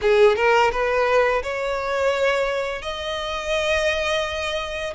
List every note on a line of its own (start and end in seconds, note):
0.01 0.35 G#4
0.35 0.71 A#4
0.71 1.42 B4
1.42 2.82 C#5
2.82 4.93 D#5